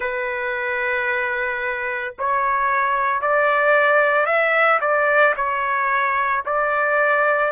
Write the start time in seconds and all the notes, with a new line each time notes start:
0.00 B4
2.19 C#5
3.21 D5
4.26 E5
4.81 D5
5.36 C#5
6.45 D5